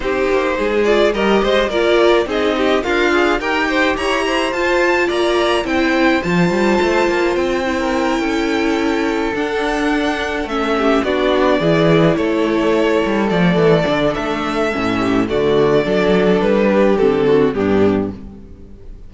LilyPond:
<<
  \new Staff \with { instrumentName = "violin" } { \time 4/4 \tempo 4 = 106 c''4. d''8 dis''4 d''4 | dis''4 f''4 g''4 ais''4 | a''4 ais''4 g''4 a''4~ | a''4 g''2.~ |
g''8 fis''2 e''4 d''8~ | d''4. cis''2 d''8~ | d''4 e''2 d''4~ | d''4 b'4 a'4 g'4 | }
  \new Staff \with { instrumentName = "violin" } { \time 4/4 g'4 gis'4 ais'8 c''8 ais'4 | gis'8 g'8 f'4 ais'8 c''8 cis''8 c''8~ | c''4 d''4 c''2~ | c''4.~ c''16 ais'8. a'4.~ |
a'2. g'8 fis'8~ | fis'8 gis'4 a'2~ a'8~ | a'2~ a'8 g'8 fis'4 | a'4. g'4 fis'8 d'4 | }
  \new Staff \with { instrumentName = "viola" } { \time 4/4 dis'4. f'8 g'4 f'4 | dis'4 ais'8 gis'8 g'2 | f'2 e'4 f'4~ | f'4. e'2~ e'8~ |
e'8 d'2 cis'4 d'8~ | d'8 e'2. a8~ | a8 d'4. cis'4 a4 | d'2 c'4 b4 | }
  \new Staff \with { instrumentName = "cello" } { \time 4/4 c'8 ais8 gis4 g8 gis8 ais4 | c'4 d'4 dis'4 e'4 | f'4 ais4 c'4 f8 g8 | a8 ais8 c'4. cis'4.~ |
cis'8 d'2 a4 b8~ | b8 e4 a4. g8 f8 | e8 d8 a4 a,4 d4 | fis4 g4 d4 g,4 | }
>>